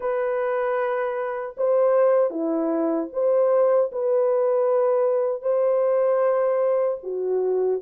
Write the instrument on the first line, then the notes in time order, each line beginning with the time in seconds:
horn
0.00 B4
1.57 C5
2.30 E4
3.12 C5
3.92 B4
5.42 C5
7.03 F#4